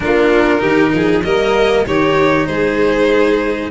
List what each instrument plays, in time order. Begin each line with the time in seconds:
0.00 tuba A#3, cello D4, violin F4 A#4
0.59 tuba D#3, cello D#4, violin G4
0.93 tuba F3, violin G#4
1.22 tuba G3, cello A#3, violin A#4 D#5
1.86 tuba D#3, cello D#4, violin G4 C#5
2.46 tuba G#3, violin G#4 C5